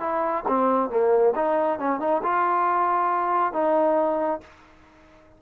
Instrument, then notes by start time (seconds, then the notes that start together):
trombone
0.00 E4
0.48 C4
0.90 A#3
1.36 D#4
1.79 C#4
2.00 D#4
2.23 F4
3.53 D#4